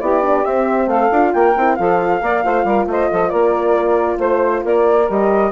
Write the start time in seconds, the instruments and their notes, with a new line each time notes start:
0.00 bassoon B3, horn E4, saxophone G4, flute D5
0.22 horn D4
0.44 horn C4, bassoon C4, flute E5
0.86 bassoon A3, saxophone A4, flute F5
1.11 bassoon D4, horn F4
1.33 bassoon A#3, saxophone A#4, flute G5
1.56 bassoon C4, horn E4
1.75 bassoon F3, horn F4, saxophone A4, flute F5
2.20 bassoon A#3, horn A#4, saxophone D5
2.44 bassoon A3, horn F4, saxophone C5
2.64 bassoon G3, saxophone A#4
2.86 bassoon A3, saxophone C5, flute D#5
3.10 bassoon F3, saxophone A4
3.29 bassoon A#3, saxophone A#4, flute D5
4.18 bassoon A3, saxophone C5, flute C5
4.63 bassoon A#3, saxophone A#4, flute D5
5.08 bassoon G3, horn G4, flute D#5